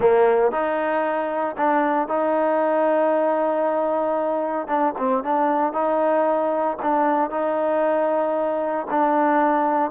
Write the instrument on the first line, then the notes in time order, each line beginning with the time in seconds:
trombone
0.00 A#3
0.51 D#4
1.57 D4
2.08 D#4
4.67 D4
4.98 C4
5.23 D4
5.72 D#4
6.82 D4
7.30 D#4
8.90 D4